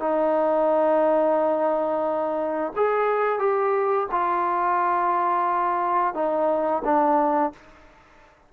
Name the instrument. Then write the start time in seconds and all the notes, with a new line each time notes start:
trombone
0.00 D#4
2.76 G#4
3.39 G4
4.11 F4
6.14 D#4
6.85 D4